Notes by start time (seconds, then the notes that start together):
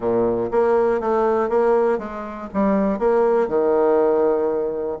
0.00 A#2
0.51 A#3
1.00 A3
1.49 A#3
1.98 G#3
2.53 G3
2.99 A#3
3.47 D#3